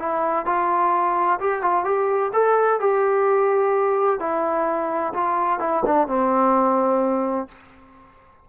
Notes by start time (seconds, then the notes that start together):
0.00 E4
0.46 F4
1.41 G4
1.63 F4
1.85 G4
2.34 A4
2.81 G4
4.20 E4
5.14 F4
5.60 E4
5.86 D4
6.08 C4